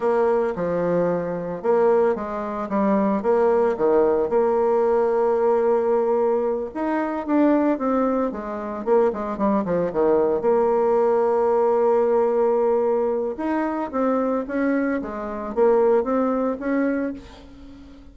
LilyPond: \new Staff \with { instrumentName = "bassoon" } { \time 4/4 \tempo 4 = 112 ais4 f2 ais4 | gis4 g4 ais4 dis4 | ais1~ | ais8 dis'4 d'4 c'4 gis8~ |
gis8 ais8 gis8 g8 f8 dis4 ais8~ | ais1~ | ais4 dis'4 c'4 cis'4 | gis4 ais4 c'4 cis'4 | }